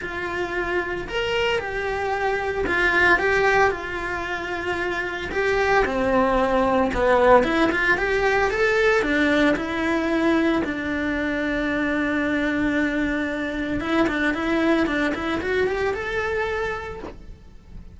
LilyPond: \new Staff \with { instrumentName = "cello" } { \time 4/4 \tempo 4 = 113 f'2 ais'4 g'4~ | g'4 f'4 g'4 f'4~ | f'2 g'4 c'4~ | c'4 b4 e'8 f'8 g'4 |
a'4 d'4 e'2 | d'1~ | d'2 e'8 d'8 e'4 | d'8 e'8 fis'8 g'8 a'2 | }